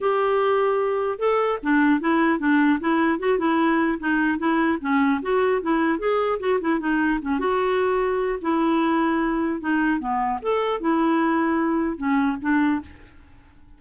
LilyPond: \new Staff \with { instrumentName = "clarinet" } { \time 4/4 \tempo 4 = 150 g'2. a'4 | d'4 e'4 d'4 e'4 | fis'8 e'4. dis'4 e'4 | cis'4 fis'4 e'4 gis'4 |
fis'8 e'8 dis'4 cis'8 fis'4.~ | fis'4 e'2. | dis'4 b4 a'4 e'4~ | e'2 cis'4 d'4 | }